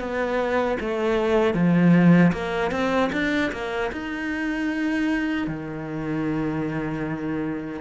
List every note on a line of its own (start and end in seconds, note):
0.00 0.78 B3
0.80 1.55 A3
1.55 2.33 F3
2.33 2.72 A#3
2.72 3.11 C4
3.13 3.52 D4
3.52 3.91 A#3
3.92 5.48 D#4
5.48 7.81 D#3